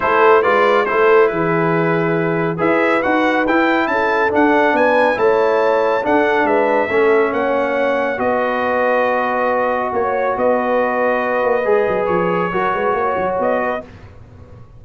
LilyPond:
<<
  \new Staff \with { instrumentName = "trumpet" } { \time 4/4 \tempo 4 = 139 c''4 d''4 c''4 b'4~ | b'2 e''4 fis''4 | g''4 a''4 fis''4 gis''4 | a''2 fis''4 e''4~ |
e''4 fis''2 dis''4~ | dis''2. cis''4 | dis''1 | cis''2. dis''4 | }
  \new Staff \with { instrumentName = "horn" } { \time 4/4 a'4 b'4 a'4 gis'4~ | gis'2 b'2~ | b'4 a'2 b'4 | cis''2 a'4 b'4 |
a'4 cis''2 b'4~ | b'2. cis''4 | b'1~ | b'4 ais'8 b'8 cis''4. b'8 | }
  \new Staff \with { instrumentName = "trombone" } { \time 4/4 e'4 f'4 e'2~ | e'2 gis'4 fis'4 | e'2 d'2 | e'2 d'2 |
cis'2. fis'4~ | fis'1~ | fis'2. gis'4~ | gis'4 fis'2. | }
  \new Staff \with { instrumentName = "tuba" } { \time 4/4 a4 gis4 a4 e4~ | e2 e'4 dis'4 | e'4 cis'4 d'4 b4 | a2 d'4 gis4 |
a4 ais2 b4~ | b2. ais4 | b2~ b8 ais8 gis8 fis8 | f4 fis8 gis8 ais8 fis8 b4 | }
>>